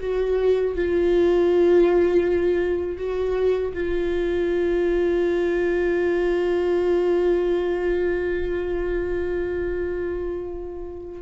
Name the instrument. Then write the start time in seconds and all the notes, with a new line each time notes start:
viola
0.00 F#4
0.75 F4
2.97 F#4
3.73 F4